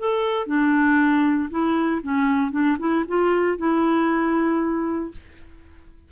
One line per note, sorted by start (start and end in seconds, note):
0.00 0.47 A4
0.47 1.50 D4
1.51 2.02 E4
2.03 2.52 C#4
2.52 2.78 D4
2.80 3.05 E4
3.08 3.58 F4
3.58 5.12 E4